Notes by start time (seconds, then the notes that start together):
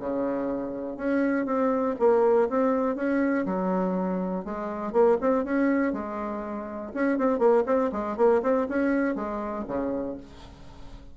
0.00 C#3
0.97 C#4
1.46 C4
1.99 A#3
2.49 C4
2.96 C#4
3.46 F#3
4.45 G#3
4.93 A#3
5.21 C4
5.45 C#4
5.93 G#3
6.94 C#4
7.18 C4
7.39 A#3
7.66 C4
7.92 G#3
8.17 A#3
8.43 C4
8.69 C#4
9.16 G#3
9.68 C#3